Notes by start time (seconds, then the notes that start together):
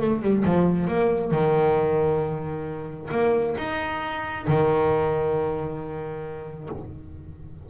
0.00 A3
0.22 G3
0.45 F3
0.87 A#3
1.31 D#3
3.11 A#3
3.57 D#4
4.47 D#3